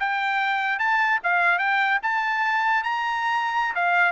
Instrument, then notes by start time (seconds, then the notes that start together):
trumpet
0.00 G5
0.79 A5
1.23 F5
1.59 G5
2.03 A5
2.83 A#5
3.75 F5